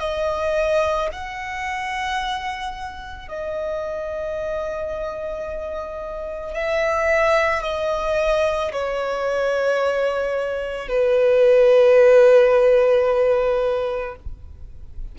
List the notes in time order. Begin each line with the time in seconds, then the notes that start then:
0.00 D#5
1.12 F#5
3.28 D#5
6.54 E5
7.63 D#5
8.72 C#5
10.88 B4